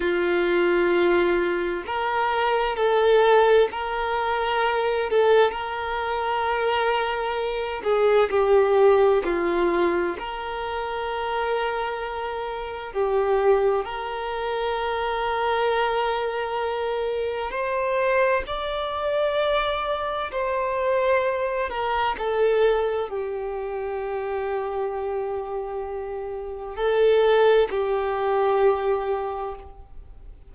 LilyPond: \new Staff \with { instrumentName = "violin" } { \time 4/4 \tempo 4 = 65 f'2 ais'4 a'4 | ais'4. a'8 ais'2~ | ais'8 gis'8 g'4 f'4 ais'4~ | ais'2 g'4 ais'4~ |
ais'2. c''4 | d''2 c''4. ais'8 | a'4 g'2.~ | g'4 a'4 g'2 | }